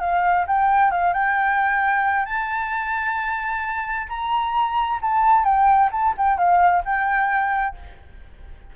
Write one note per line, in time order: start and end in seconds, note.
0.00 0.45 F5
0.47 0.91 G5
0.91 1.13 F5
1.13 2.26 G5
2.26 4.08 A5
4.09 5.00 A#5
5.02 5.45 A5
5.45 5.90 G5
5.92 6.15 A5
6.17 6.38 G5
6.38 6.83 F5
6.85 7.76 G5